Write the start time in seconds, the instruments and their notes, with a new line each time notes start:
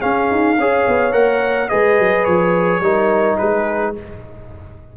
0.00 trombone C#4, tuba C#4, horn G#4, trumpet F5
0.31 tuba D#4
0.58 tuba C#4, trombone G#4, horn C#5
0.88 tuba B3
1.12 tuba A#3, trombone A#4, trumpet F#5
1.69 tuba G#3, trombone G#4, horn B4, trumpet D#5
1.99 tuba F#3
2.25 tuba F3, trumpet C#5
2.80 tuba G3, trombone D#4, horn A#4
3.38 tuba G#3, horn G#4, trumpet B4